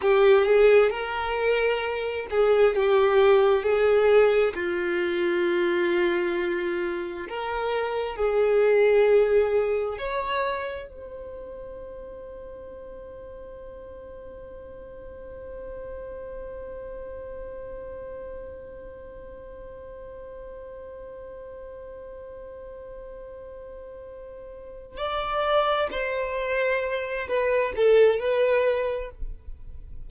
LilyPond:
\new Staff \with { instrumentName = "violin" } { \time 4/4 \tempo 4 = 66 g'8 gis'8 ais'4. gis'8 g'4 | gis'4 f'2. | ais'4 gis'2 cis''4 | c''1~ |
c''1~ | c''1~ | c''2.~ c''8 d''8~ | d''8 c''4. b'8 a'8 b'4 | }